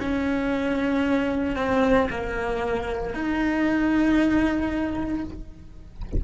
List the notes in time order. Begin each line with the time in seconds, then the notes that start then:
0.00 C#4
1.56 C4
2.11 A#3
3.14 D#4